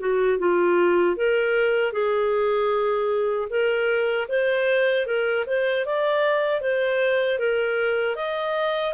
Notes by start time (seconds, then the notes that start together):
0.00 F#4
0.39 F4
1.17 A#4
1.93 G#4
3.50 A#4
4.29 C5
5.07 A#4
5.47 C5
5.86 D5
6.61 C5
7.39 A#4
8.16 D#5